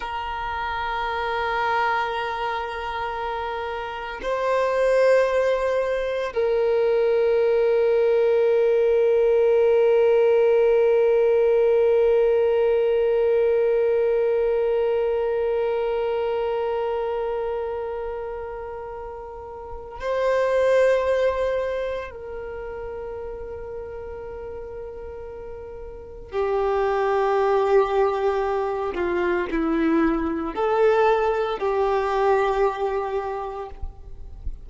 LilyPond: \new Staff \with { instrumentName = "violin" } { \time 4/4 \tempo 4 = 57 ais'1 | c''2 ais'2~ | ais'1~ | ais'1~ |
ais'2. c''4~ | c''4 ais'2.~ | ais'4 g'2~ g'8 f'8 | e'4 a'4 g'2 | }